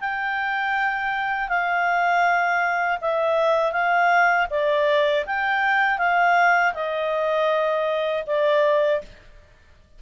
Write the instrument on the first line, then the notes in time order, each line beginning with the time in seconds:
clarinet
0.00 G5
1.49 F5
3.01 E5
3.72 F5
4.50 D5
5.26 G5
5.98 F5
6.74 D#5
8.26 D5